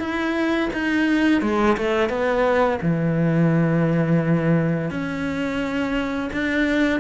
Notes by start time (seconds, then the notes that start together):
0.00 E4
0.74 D#4
1.42 G#3
1.78 A3
2.10 B3
2.82 E3
4.91 C#4
6.33 D4